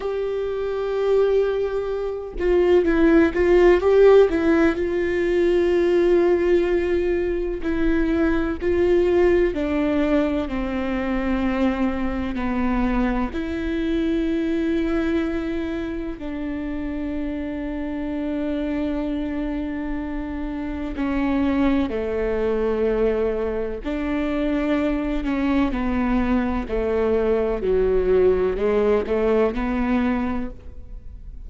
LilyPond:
\new Staff \with { instrumentName = "viola" } { \time 4/4 \tempo 4 = 63 g'2~ g'8 f'8 e'8 f'8 | g'8 e'8 f'2. | e'4 f'4 d'4 c'4~ | c'4 b4 e'2~ |
e'4 d'2.~ | d'2 cis'4 a4~ | a4 d'4. cis'8 b4 | a4 fis4 gis8 a8 b4 | }